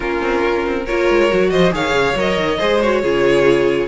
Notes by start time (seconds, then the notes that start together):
0.00 A#3 C#4 F4 A#4
0.21 C4
0.43 C#4
0.66 C4
0.85 A#3 F4 A#4 C#5
1.09 G#3
1.30 F#3 F#4
1.50 F3 C5 D#5
1.71 D#3 G#4 C#5 F5
1.93 C#3
2.15 F#3 A#4 D#5
2.37 D#3
2.58 G#3 G#4 C5
2.81 F#4 C#5
3.02 C#3 F4 G#4